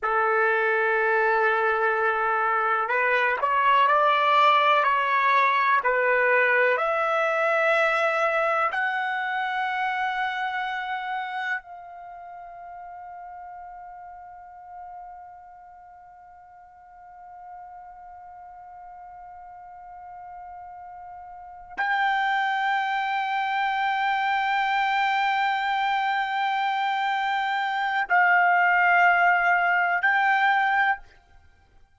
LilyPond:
\new Staff \with { instrumentName = "trumpet" } { \time 4/4 \tempo 4 = 62 a'2. b'8 cis''8 | d''4 cis''4 b'4 e''4~ | e''4 fis''2. | f''1~ |
f''1~ | f''2~ f''8 g''4.~ | g''1~ | g''4 f''2 g''4 | }